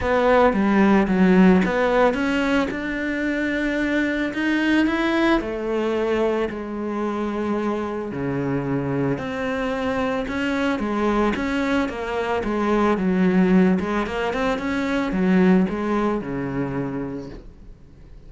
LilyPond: \new Staff \with { instrumentName = "cello" } { \time 4/4 \tempo 4 = 111 b4 g4 fis4 b4 | cis'4 d'2. | dis'4 e'4 a2 | gis2. cis4~ |
cis4 c'2 cis'4 | gis4 cis'4 ais4 gis4 | fis4. gis8 ais8 c'8 cis'4 | fis4 gis4 cis2 | }